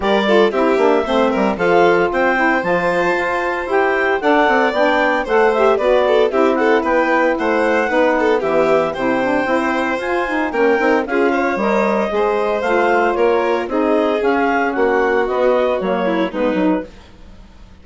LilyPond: <<
  \new Staff \with { instrumentName = "clarinet" } { \time 4/4 \tempo 4 = 114 d''4 e''2 f''4 | g''4 a''2 g''4 | fis''4 g''4 fis''8 e''8 d''4 | e''8 fis''8 g''4 fis''2 |
e''4 g''2 gis''4 | g''4 f''4 dis''2 | f''4 cis''4 dis''4 f''4 | fis''4 dis''4 cis''4 b'4 | }
  \new Staff \with { instrumentName = "violin" } { \time 4/4 ais'8 a'8 g'4 c''8 ais'8 a'4 | c''1 | d''2 c''4 b'8 a'8 | g'8 a'8 b'4 c''4 b'8 a'8 |
g'4 c''2. | ais'4 gis'8 cis''4. c''4~ | c''4 ais'4 gis'2 | fis'2~ fis'8 e'8 dis'4 | }
  \new Staff \with { instrumentName = "saxophone" } { \time 4/4 g'8 f'8 e'8 d'8 c'4 f'4~ | f'8 e'8 f'2 g'4 | a'4 d'4 a'8 g'8 fis'4 | e'2. dis'4 |
b4 e'8 d'8 e'4 f'8 dis'8 | cis'8 dis'8 f'4 ais'4 gis'4 | f'2 dis'4 cis'4~ | cis'4 b4 ais4 b8 dis'8 | }
  \new Staff \with { instrumentName = "bassoon" } { \time 4/4 g4 c'8 ais8 a8 g8 f4 | c'4 f4 f'4 e'4 | d'8 c'8 b4 a4 b4 | c'4 b4 a4 b4 |
e4 c4 c'4 f'4 | ais8 c'8 cis'4 g4 gis4 | a4 ais4 c'4 cis'4 | ais4 b4 fis4 gis8 fis8 | }
>>